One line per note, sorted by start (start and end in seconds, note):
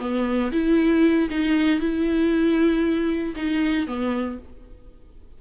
0.00 0.52 B3
0.52 1.30 E4
1.30 1.80 D#4
1.80 3.35 E4
3.36 3.87 D#4
3.87 4.39 B3